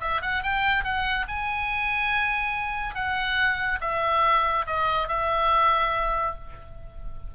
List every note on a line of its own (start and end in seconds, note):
0.00 0.21 E5
0.21 0.42 F#5
0.42 0.84 G5
0.84 1.26 F#5
1.28 2.94 G#5
2.94 3.79 F#5
3.81 4.65 E5
4.66 5.08 D#5
5.08 6.35 E5